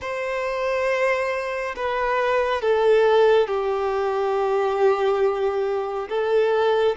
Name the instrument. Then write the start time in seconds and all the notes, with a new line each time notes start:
violin
0.01 C5
1.75 B4
2.61 A4
3.47 G4
6.09 A4